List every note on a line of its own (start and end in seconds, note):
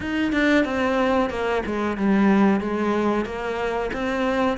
0.00 0.32 D#4
0.32 0.64 D4
0.64 1.30 C4
1.30 1.62 A#3
1.65 1.97 G#3
1.97 2.60 G3
2.60 3.25 G#3
3.25 3.90 A#3
3.93 4.57 C4